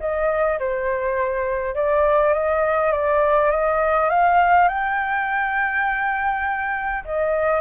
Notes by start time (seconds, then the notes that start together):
0.00 D#5
0.59 C5
1.75 D5
2.34 D#5
2.92 D5
3.51 D#5
4.10 F5
4.69 G5
7.05 D#5